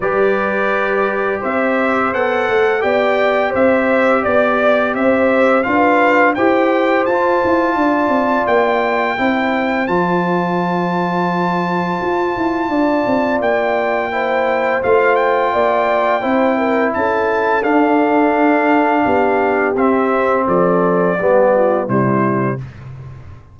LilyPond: <<
  \new Staff \with { instrumentName = "trumpet" } { \time 4/4 \tempo 4 = 85 d''2 e''4 fis''4 | g''4 e''4 d''4 e''4 | f''4 g''4 a''2 | g''2 a''2~ |
a''2. g''4~ | g''4 f''8 g''2~ g''8 | a''4 f''2. | e''4 d''2 c''4 | }
  \new Staff \with { instrumentName = "horn" } { \time 4/4 b'2 c''2 | d''4 c''4 d''4 c''4 | b'4 c''2 d''4~ | d''4 c''2.~ |
c''2 d''2 | c''2 d''4 c''8 ais'8 | a'2. g'4~ | g'4 a'4 g'8 f'8 e'4 | }
  \new Staff \with { instrumentName = "trombone" } { \time 4/4 g'2. a'4 | g'1 | f'4 g'4 f'2~ | f'4 e'4 f'2~ |
f'1 | e'4 f'2 e'4~ | e'4 d'2. | c'2 b4 g4 | }
  \new Staff \with { instrumentName = "tuba" } { \time 4/4 g2 c'4 b8 a8 | b4 c'4 b4 c'4 | d'4 e'4 f'8 e'8 d'8 c'8 | ais4 c'4 f2~ |
f4 f'8 e'8 d'8 c'8 ais4~ | ais4 a4 ais4 c'4 | cis'4 d'2 b4 | c'4 f4 g4 c4 | }
>>